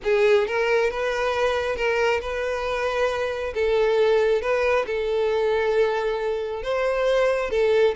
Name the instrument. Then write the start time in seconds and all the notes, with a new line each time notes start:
violin
0.03 G#4
0.47 A#4
0.90 B4
1.76 A#4
2.21 B4
3.54 A4
4.41 B4
4.86 A4
6.63 C5
7.50 A4